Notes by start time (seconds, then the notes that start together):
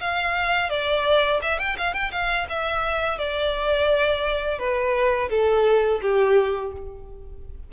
0.00 F5
0.69 D5
1.41 E5
1.59 G5
1.77 F5
1.93 G5
2.11 F5
2.49 E5
3.18 D5
4.59 B4
5.30 A4
6.01 G4